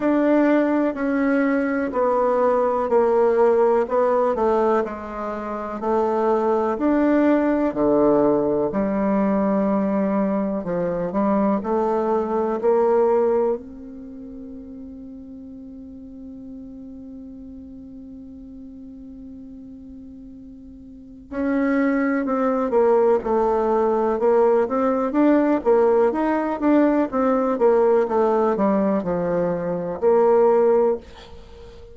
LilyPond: \new Staff \with { instrumentName = "bassoon" } { \time 4/4 \tempo 4 = 62 d'4 cis'4 b4 ais4 | b8 a8 gis4 a4 d'4 | d4 g2 f8 g8 | a4 ais4 c'2~ |
c'1~ | c'2 cis'4 c'8 ais8 | a4 ais8 c'8 d'8 ais8 dis'8 d'8 | c'8 ais8 a8 g8 f4 ais4 | }